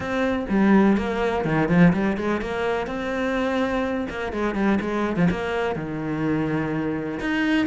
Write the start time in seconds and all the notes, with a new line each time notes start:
0.00 C4
0.49 G3
0.97 A#3
1.44 D#3
1.68 F3
1.93 G3
2.17 G#3
2.41 A#3
2.86 C4
4.09 A#3
4.32 G#3
4.54 G3
4.80 G#3
5.16 F3
5.30 A#3
5.75 D#3
7.20 D#4